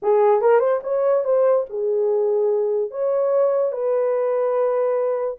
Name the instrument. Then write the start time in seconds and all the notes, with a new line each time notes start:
horn
0.02 G#4
0.41 A#4
0.59 C5
0.83 C#5
1.24 C5
1.69 G#4
2.90 C#5
3.71 B4